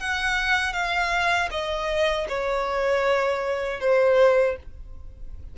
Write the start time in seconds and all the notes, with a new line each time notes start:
0.00 F#5
0.74 F5
1.51 D#5
2.29 C#5
3.80 C5